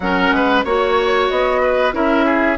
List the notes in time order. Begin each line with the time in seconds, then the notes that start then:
0.00 F#3 C#4 A#4 F#5
0.31 G#3 B4
0.63 A#3 F#4 C#5
1.29 B3 D#5
1.62 B4
1.92 C#4 E4 A#4 E5
2.25 G#4